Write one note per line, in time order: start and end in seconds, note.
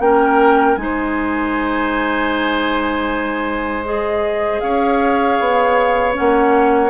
0.00 0.77 A#3
0.00 0.77 C#4
0.00 0.79 A#4
0.00 0.77 G5
0.77 4.62 G#3
0.77 3.85 D#4
0.77 4.63 C5
0.77 3.84 G#5
3.85 6.14 G#4
3.85 4.61 D#5
4.61 5.39 C#4
4.61 6.90 C#5
4.61 6.14 F5
5.40 6.17 B3
6.14 6.90 A#3
6.14 6.90 C#4
6.14 6.90 F#5